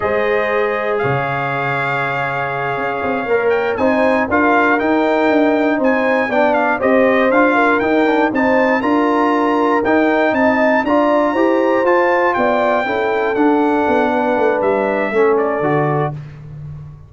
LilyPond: <<
  \new Staff \with { instrumentName = "trumpet" } { \time 4/4 \tempo 4 = 119 dis''2 f''2~ | f''2. g''8 gis''8~ | gis''8 f''4 g''2 gis''8~ | gis''8 g''8 f''8 dis''4 f''4 g''8~ |
g''8 a''4 ais''2 g''8~ | g''8 a''4 ais''2 a''8~ | a''8 g''2 fis''4.~ | fis''4 e''4. d''4. | }
  \new Staff \with { instrumentName = "horn" } { \time 4/4 c''2 cis''2~ | cis''2.~ cis''8 c''8~ | c''8 ais'2. c''8~ | c''8 d''4 c''4. ais'4~ |
ais'8 c''4 ais'2~ ais'8~ | ais'8 dis''4 d''4 c''4.~ | c''8 d''4 a'2~ a'8 | b'2 a'2 | }
  \new Staff \with { instrumentName = "trombone" } { \time 4/4 gis'1~ | gis'2~ gis'8 ais'4 dis'8~ | dis'8 f'4 dis'2~ dis'8~ | dis'8 d'4 g'4 f'4 dis'8 |
d'8 dis'4 f'2 dis'8~ | dis'4. f'4 g'4 f'8~ | f'4. e'4 d'4.~ | d'2 cis'4 fis'4 | }
  \new Staff \with { instrumentName = "tuba" } { \time 4/4 gis2 cis2~ | cis4. cis'8 c'8 ais4 c'8~ | c'8 d'4 dis'4 d'4 c'8~ | c'8 b4 c'4 d'4 dis'8~ |
dis'8 c'4 d'2 dis'8~ | dis'8 c'4 d'4 e'4 f'8~ | f'8 b4 cis'4 d'4 b8~ | b8 a8 g4 a4 d4 | }
>>